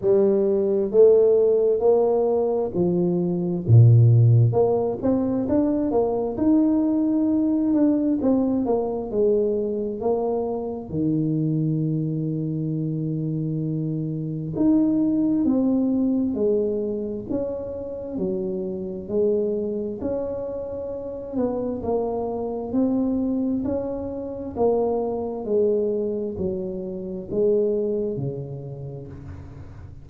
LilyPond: \new Staff \with { instrumentName = "tuba" } { \time 4/4 \tempo 4 = 66 g4 a4 ais4 f4 | ais,4 ais8 c'8 d'8 ais8 dis'4~ | dis'8 d'8 c'8 ais8 gis4 ais4 | dis1 |
dis'4 c'4 gis4 cis'4 | fis4 gis4 cis'4. b8 | ais4 c'4 cis'4 ais4 | gis4 fis4 gis4 cis4 | }